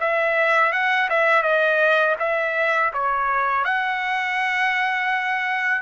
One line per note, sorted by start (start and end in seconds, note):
0.00 0.72 E5
0.72 1.09 F#5
1.10 1.43 E5
1.43 2.16 D#5
2.20 2.93 E5
2.93 3.65 C#5
3.65 5.82 F#5